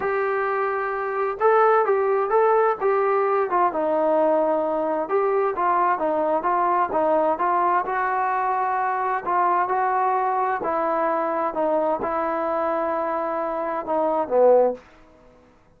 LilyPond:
\new Staff \with { instrumentName = "trombone" } { \time 4/4 \tempo 4 = 130 g'2. a'4 | g'4 a'4 g'4. f'8 | dis'2. g'4 | f'4 dis'4 f'4 dis'4 |
f'4 fis'2. | f'4 fis'2 e'4~ | e'4 dis'4 e'2~ | e'2 dis'4 b4 | }